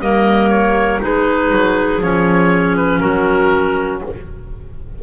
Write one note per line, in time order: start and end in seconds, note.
0.00 1.00 G3
0.00 1.00 A#3
0.00 1.02 A#4
0.00 0.49 D#5
0.49 0.99 C#5
1.00 1.51 G#3
1.00 2.00 D#4
1.00 3.00 G#4
1.00 2.02 B4
1.51 2.01 F#3
2.01 3.01 F3
2.01 4.03 C#4
2.01 2.76 C#5
2.76 3.00 B4
3.00 4.02 F#3
3.00 4.00 F#4
3.00 4.00 A#4